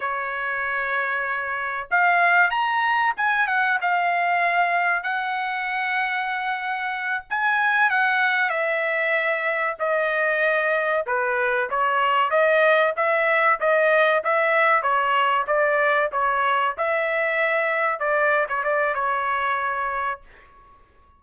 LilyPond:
\new Staff \with { instrumentName = "trumpet" } { \time 4/4 \tempo 4 = 95 cis''2. f''4 | ais''4 gis''8 fis''8 f''2 | fis''2.~ fis''8 gis''8~ | gis''8 fis''4 e''2 dis''8~ |
dis''4. b'4 cis''4 dis''8~ | dis''8 e''4 dis''4 e''4 cis''8~ | cis''8 d''4 cis''4 e''4.~ | e''8 d''8. cis''16 d''8 cis''2 | }